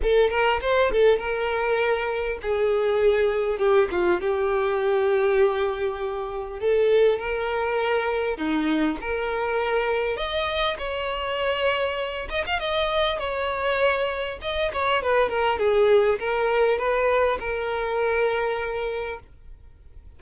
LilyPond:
\new Staff \with { instrumentName = "violin" } { \time 4/4 \tempo 4 = 100 a'8 ais'8 c''8 a'8 ais'2 | gis'2 g'8 f'8 g'4~ | g'2. a'4 | ais'2 dis'4 ais'4~ |
ais'4 dis''4 cis''2~ | cis''8 dis''16 f''16 dis''4 cis''2 | dis''8 cis''8 b'8 ais'8 gis'4 ais'4 | b'4 ais'2. | }